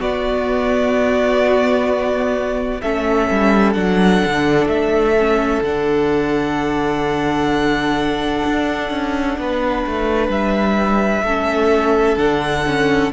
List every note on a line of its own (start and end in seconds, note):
0.00 2.81 B3
0.00 2.81 F#4
0.00 2.82 D5
2.82 3.30 A3
2.82 3.75 C#4
2.82 9.39 A4
2.82 3.73 E5
3.31 3.76 G3
3.73 4.22 F#3
3.73 5.15 D4
3.73 4.67 F#5
4.26 4.66 D3
4.66 5.60 A3
4.66 5.63 E5
5.18 5.65 C#4
5.62 8.43 D3
5.62 11.27 D4
5.62 10.31 F#5
8.46 8.91 D4
8.91 9.38 C#4
9.39 9.86 B3
9.39 11.24 B4
9.86 10.29 A3
10.29 11.23 G3
10.29 12.18 E5
11.23 12.17 A3
11.23 12.18 C#4
11.23 13.12 A4
12.17 13.11 D3
12.17 12.64 D4
12.17 13.12 F#5
12.67 13.13 C#4